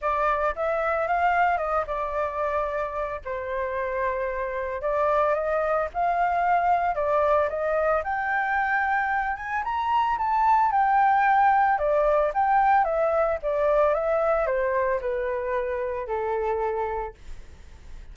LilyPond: \new Staff \with { instrumentName = "flute" } { \time 4/4 \tempo 4 = 112 d''4 e''4 f''4 dis''8 d''8~ | d''2 c''2~ | c''4 d''4 dis''4 f''4~ | f''4 d''4 dis''4 g''4~ |
g''4. gis''8 ais''4 a''4 | g''2 d''4 g''4 | e''4 d''4 e''4 c''4 | b'2 a'2 | }